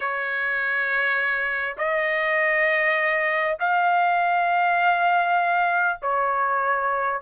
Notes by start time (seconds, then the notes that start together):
0.00 C#5
1.77 D#5
3.59 F5
6.02 C#5